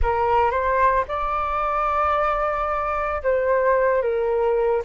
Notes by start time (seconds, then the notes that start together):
0.02 A#4
0.51 C5
1.08 D5
3.23 C5
4.02 A#4